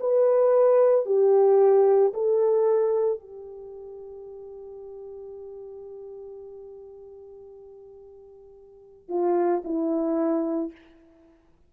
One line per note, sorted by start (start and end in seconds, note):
0.00 1.06 B4
1.06 2.13 G4
2.14 3.19 A4
3.19 9.09 G4
9.09 9.62 F4
9.64 10.71 E4